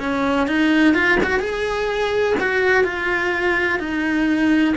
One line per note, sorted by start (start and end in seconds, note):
0.00 0.48 C#4
0.48 0.94 D#4
0.94 1.18 F4
1.24 1.40 F#4
1.40 2.35 G#4
2.40 2.84 F#4
2.84 3.79 F4
3.79 4.74 D#4